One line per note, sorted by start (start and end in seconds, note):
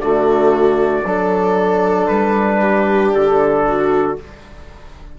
0.00 1.03 D3
0.00 1.04 A3
0.00 1.06 F#4
0.00 2.07 D5
1.05 2.08 F#3
1.05 4.16 D4
1.05 2.60 A4
2.07 3.12 G3
2.07 3.10 B4
2.60 3.63 G4
3.13 4.17 D3
3.13 4.18 A4
3.67 4.18 F#4